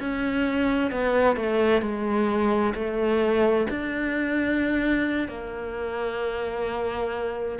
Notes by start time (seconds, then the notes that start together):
0.00 C#4
0.91 B3
1.36 A3
1.82 G#3
2.75 A3
3.70 D4
5.28 A#3